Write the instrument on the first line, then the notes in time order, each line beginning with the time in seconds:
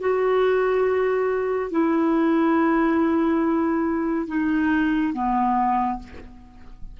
clarinet
0.00 F#4
1.71 E4
4.27 D#4
5.13 B3